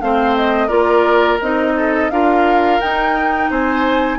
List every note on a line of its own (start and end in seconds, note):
0.00 0.70 A3
0.00 0.69 C4
0.00 0.67 C5
0.00 0.36 F5
0.36 0.68 D#5
0.67 1.40 A#3
0.67 1.39 F4
0.67 1.72 A#4
0.67 1.38 D5
1.41 2.10 C4
1.41 2.11 D#4
1.41 2.10 D#5
1.76 2.11 A4
2.10 2.80 D4
2.10 2.81 F4
2.10 3.50 A#4
2.10 2.80 F5
2.80 3.50 D#4
2.80 4.18 D#4
2.80 3.50 G5
3.50 4.18 C4
3.50 4.18 C5
3.50 4.18 G#5